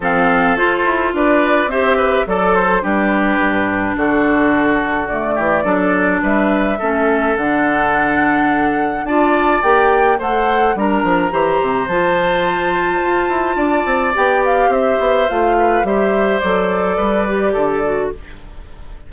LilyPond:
<<
  \new Staff \with { instrumentName = "flute" } { \time 4/4 \tempo 4 = 106 f''4 c''4 d''4 e''4 | d''8 c''8 b'2 a'4~ | a'4 d''2 e''4~ | e''4 fis''2. |
a''4 g''4 fis''4 ais''4~ | ais''4 a''2.~ | a''4 g''8 f''8 e''4 f''4 | e''4 d''2. | }
  \new Staff \with { instrumentName = "oboe" } { \time 4/4 a'2 b'4 c''8 b'8 | a'4 g'2 fis'4~ | fis'4. g'8 a'4 b'4 | a'1 |
d''2 c''4 ais'4 | c''1 | d''2 c''4. b'8 | c''2 b'4 a'4 | }
  \new Staff \with { instrumentName = "clarinet" } { \time 4/4 c'4 f'2 g'4 | a'4 d'2.~ | d'4 a4 d'2 | cis'4 d'2. |
f'4 g'4 a'4 d'4 | g'4 f'2.~ | f'4 g'2 f'4 | g'4 a'4. g'4 fis'8 | }
  \new Staff \with { instrumentName = "bassoon" } { \time 4/4 f4 f'8 e'8 d'4 c'4 | fis4 g4 g,4 d4~ | d4. e8 fis4 g4 | a4 d2. |
d'4 ais4 a4 g8 f8 | e8 c8 f2 f'8 e'8 | d'8 c'8 b4 c'8 b8 a4 | g4 fis4 g4 d4 | }
>>